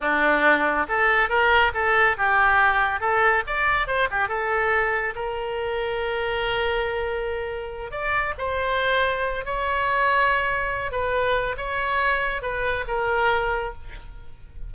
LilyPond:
\new Staff \with { instrumentName = "oboe" } { \time 4/4 \tempo 4 = 140 d'2 a'4 ais'4 | a'4 g'2 a'4 | d''4 c''8 g'8 a'2 | ais'1~ |
ais'2~ ais'8 d''4 c''8~ | c''2 cis''2~ | cis''4. b'4. cis''4~ | cis''4 b'4 ais'2 | }